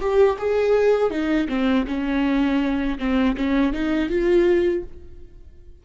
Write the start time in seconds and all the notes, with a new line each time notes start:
0.00 G4
0.38 G#4
1.10 D#4
1.48 C4
1.87 C#4
2.99 C4
3.36 C#4
3.72 D#4
4.09 F4